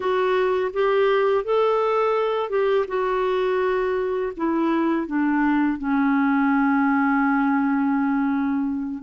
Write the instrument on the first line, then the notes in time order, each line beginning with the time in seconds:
clarinet
0.00 F#4
0.73 G4
1.44 A4
2.49 G4
2.87 F#4
4.36 E4
5.06 D4
5.78 C#4